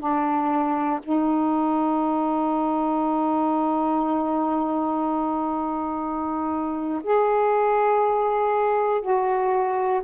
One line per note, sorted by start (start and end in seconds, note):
0.00 1.00 D4
1.03 7.03 D#4
7.04 9.02 G#4
9.02 10.02 F#4